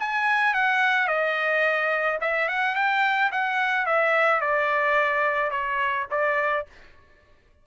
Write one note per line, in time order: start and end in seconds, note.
0.00 0.55 G#5
0.55 1.08 F#5
1.08 2.19 D#5
2.21 2.49 E5
2.49 2.76 F#5
2.76 3.31 G5
3.32 3.87 F#5
3.87 4.41 E5
4.41 5.51 D5
5.51 6.07 C#5
6.11 6.67 D5